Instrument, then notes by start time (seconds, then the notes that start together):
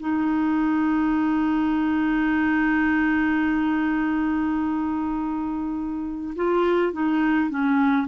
clarinet
0.00 D#4
6.36 F4
6.93 D#4
7.50 C#4